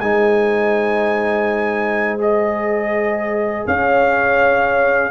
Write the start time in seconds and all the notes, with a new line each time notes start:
0.00 G#3 D#4 C5 G#5
2.18 G#4 D#5
3.67 C#4 C#5 F5